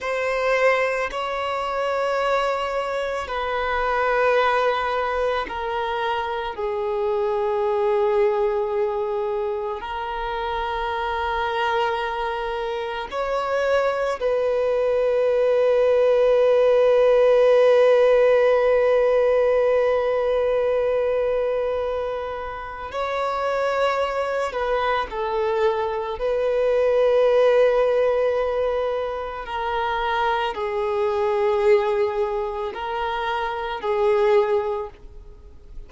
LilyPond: \new Staff \with { instrumentName = "violin" } { \time 4/4 \tempo 4 = 55 c''4 cis''2 b'4~ | b'4 ais'4 gis'2~ | gis'4 ais'2. | cis''4 b'2.~ |
b'1~ | b'4 cis''4. b'8 a'4 | b'2. ais'4 | gis'2 ais'4 gis'4 | }